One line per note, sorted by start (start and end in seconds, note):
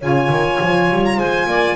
0.00 0.28 C#3
0.00 1.76 F4
0.00 1.17 C#5
0.00 1.05 G#5
0.28 0.58 D#3
0.61 0.90 F3
0.90 1.16 G3
1.05 1.19 A#5
1.16 1.45 G#3
1.16 1.47 C5
1.16 1.76 G#5
1.46 1.75 A#3
1.46 1.76 D5